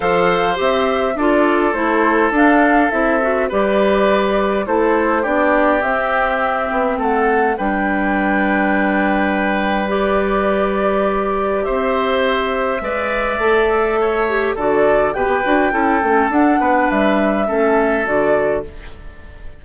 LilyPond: <<
  \new Staff \with { instrumentName = "flute" } { \time 4/4 \tempo 4 = 103 f''4 e''4 d''4 c''4 | f''4 e''4 d''2 | c''4 d''4 e''2 | fis''4 g''2.~ |
g''4 d''2. | e''1~ | e''4 d''4 g''2 | fis''4 e''2 d''4 | }
  \new Staff \with { instrumentName = "oboe" } { \time 4/4 c''2 a'2~ | a'2 b'2 | a'4 g'2. | a'4 b'2.~ |
b'1 | c''2 d''2 | cis''4 a'4 b'4 a'4~ | a'8 b'4. a'2 | }
  \new Staff \with { instrumentName = "clarinet" } { \time 4/4 a'4 g'4 f'4 e'4 | d'4 e'8 fis'8 g'2 | e'4 d'4 c'2~ | c'4 d'2.~ |
d'4 g'2.~ | g'2 b'4 a'4~ | a'8 g'8 fis'4 g'8 fis'8 e'8 cis'8 | d'2 cis'4 fis'4 | }
  \new Staff \with { instrumentName = "bassoon" } { \time 4/4 f4 c'4 d'4 a4 | d'4 c'4 g2 | a4 b4 c'4. b8 | a4 g2.~ |
g1 | c'2 gis4 a4~ | a4 d4 b,16 b16 d'8 cis'8 a8 | d'8 b8 g4 a4 d4 | }
>>